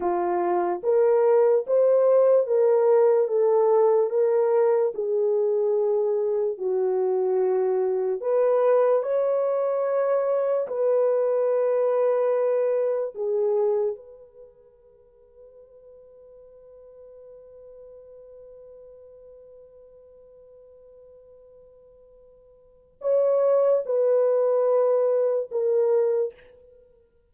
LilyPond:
\new Staff \with { instrumentName = "horn" } { \time 4/4 \tempo 4 = 73 f'4 ais'4 c''4 ais'4 | a'4 ais'4 gis'2 | fis'2 b'4 cis''4~ | cis''4 b'2. |
gis'4 b'2.~ | b'1~ | b'1 | cis''4 b'2 ais'4 | }